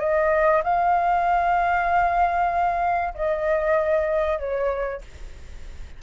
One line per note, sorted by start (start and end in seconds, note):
0.00 0.62 D#5
0.64 3.14 F5
3.15 4.39 D#5
4.39 5.02 C#5